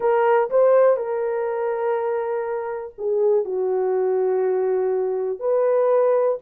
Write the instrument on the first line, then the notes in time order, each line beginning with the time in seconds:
horn
0.00 A#4
0.50 C5
0.96 A#4
2.98 G#4
3.44 F#4
5.39 B4